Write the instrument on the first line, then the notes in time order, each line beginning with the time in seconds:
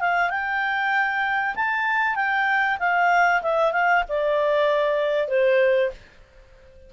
clarinet
0.00 F5
0.30 G5
1.55 A5
2.15 G5
2.79 F5
3.42 E5
3.72 F5
4.08 D5
5.28 C5